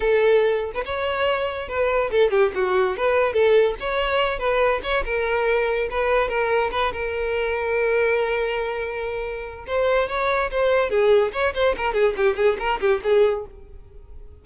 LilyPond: \new Staff \with { instrumentName = "violin" } { \time 4/4 \tempo 4 = 143 a'4.~ a'16 b'16 cis''2 | b'4 a'8 g'8 fis'4 b'4 | a'4 cis''4. b'4 cis''8 | ais'2 b'4 ais'4 |
b'8 ais'2.~ ais'8~ | ais'2. c''4 | cis''4 c''4 gis'4 cis''8 c''8 | ais'8 gis'8 g'8 gis'8 ais'8 g'8 gis'4 | }